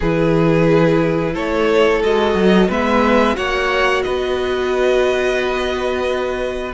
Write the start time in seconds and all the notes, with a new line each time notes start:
0.00 E3 E4 G#4 B4
1.33 A3 A4 C#5
2.03 G#3 F#4 D#5
2.34 F#3
2.68 G#3 B3 B4 E5
3.34 A#3 F#4 C#5 F#5
4.02 B3 B4 D#5